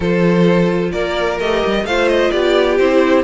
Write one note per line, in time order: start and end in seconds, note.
0.00 0.92 F3
0.00 1.40 F4
0.00 0.90 A4
0.00 0.91 C5
0.91 1.39 A#3
0.91 1.85 A#4
0.91 1.38 D5
1.39 1.63 A3
1.39 1.87 G4
1.39 1.86 D#5
1.65 1.84 G3
1.84 2.30 A3
1.84 2.80 F4
1.84 2.31 C5
1.84 2.08 F5
2.08 2.30 D#5
2.30 2.79 B3
2.30 3.24 G4
2.30 2.77 D5
2.78 3.24 C4
2.78 3.24 E4
2.78 3.24 C5